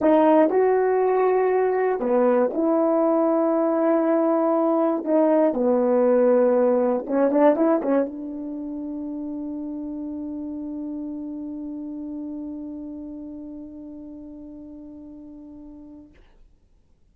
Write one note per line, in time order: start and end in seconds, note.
0.01 0.50 D#4
0.50 2.00 F#4
2.00 2.50 B3
2.53 5.04 E4
5.04 5.53 D#4
5.53 7.05 B3
7.07 7.30 C#4
7.30 7.55 D4
7.56 7.81 E4
7.82 8.06 C#4
8.06 16.12 D4